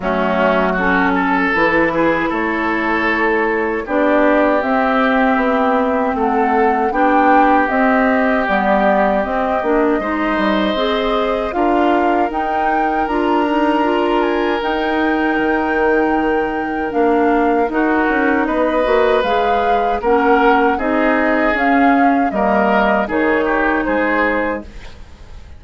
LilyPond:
<<
  \new Staff \with { instrumentName = "flute" } { \time 4/4 \tempo 4 = 78 fis'4 a'4 b'4 cis''4~ | cis''4 d''4 e''2 | fis''4 g''4 dis''4 d''4 | dis''2. f''4 |
g''4 ais''4. gis''8 g''4~ | g''2 f''4 ais'4 | dis''4 f''4 fis''4 dis''4 | f''4 dis''4 cis''4 c''4 | }
  \new Staff \with { instrumentName = "oboe" } { \time 4/4 cis'4 fis'8 a'4 gis'8 a'4~ | a'4 g'2. | a'4 g'2.~ | g'4 c''2 ais'4~ |
ais'1~ | ais'2. fis'4 | b'2 ais'4 gis'4~ | gis'4 ais'4 gis'8 g'8 gis'4 | }
  \new Staff \with { instrumentName = "clarinet" } { \time 4/4 a4 cis'4 e'2~ | e'4 d'4 c'2~ | c'4 d'4 c'4 b4 | c'8 d'8 dis'4 gis'4 f'4 |
dis'4 f'8 dis'8 f'4 dis'4~ | dis'2 d'4 dis'4~ | dis'8 fis'8 gis'4 cis'4 dis'4 | cis'4 ais4 dis'2 | }
  \new Staff \with { instrumentName = "bassoon" } { \time 4/4 fis2 e4 a4~ | a4 b4 c'4 b4 | a4 b4 c'4 g4 | c'8 ais8 gis8 g8 c'4 d'4 |
dis'4 d'2 dis'4 | dis2 ais4 dis'8 cis'8 | b8 ais8 gis4 ais4 c'4 | cis'4 g4 dis4 gis4 | }
>>